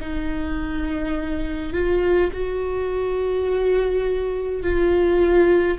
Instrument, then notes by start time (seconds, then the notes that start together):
viola
0.00 D#4
1.73 F4
2.33 F#4
4.63 F4